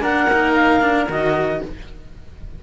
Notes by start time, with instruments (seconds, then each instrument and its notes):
0.00 cello A#3 D4, oboe A#4, clarinet F#5
0.32 cello D#4
0.53 clarinet F5
0.81 cello D4
1.08 cello D#3 F#4, clarinet D#5